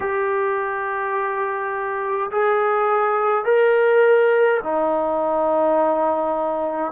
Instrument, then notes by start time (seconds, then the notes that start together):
trombone
0.00 G4
2.31 G#4
3.45 A#4
4.63 D#4